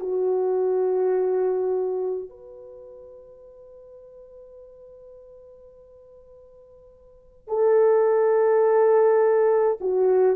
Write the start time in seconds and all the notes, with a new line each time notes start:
0.00 F#4
2.30 B4
7.48 A4
9.81 F#4